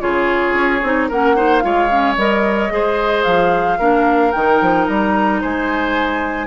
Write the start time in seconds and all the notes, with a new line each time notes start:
0.00 C#3 F4 G#4 C#5
0.54 C#4
0.83 C4 D#4
1.09 A#3 C#4 A#4 F#5
1.36 D#4 C5
1.59 G#3 F4 C#5 F5
1.90 C#4
2.17 G3 A#4 D#5
2.70 G#3 G#4 C5
3.24 F3 F5
3.79 A#3 D4 A#4
4.32 D#3 D#4 G5
4.61 F3
4.87 G3 A#5
5.41 G#3 C5 G#5